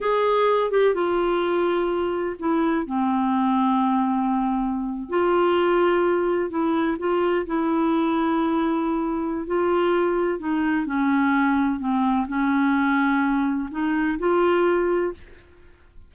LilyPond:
\new Staff \with { instrumentName = "clarinet" } { \time 4/4 \tempo 4 = 127 gis'4. g'8 f'2~ | f'4 e'4 c'2~ | c'2~ c'8. f'4~ f'16~ | f'4.~ f'16 e'4 f'4 e'16~ |
e'1 | f'2 dis'4 cis'4~ | cis'4 c'4 cis'2~ | cis'4 dis'4 f'2 | }